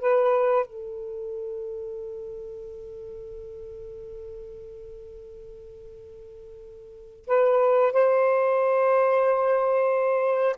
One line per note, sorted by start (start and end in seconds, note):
0.00 0.66 B4
0.66 7.25 A4
7.27 7.92 B4
7.92 10.56 C5